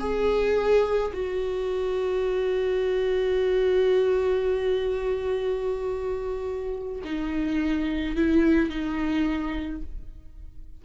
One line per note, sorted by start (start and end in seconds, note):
0.00 1.12 G#4
1.14 7.02 F#4
7.05 8.16 D#4
8.16 8.70 E4
8.70 9.82 D#4